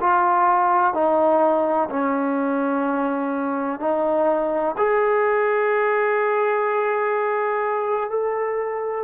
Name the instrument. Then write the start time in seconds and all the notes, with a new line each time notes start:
trombone
0.00 F4
0.94 D#4
1.90 C#4
3.80 D#4
4.77 G#4
8.10 A4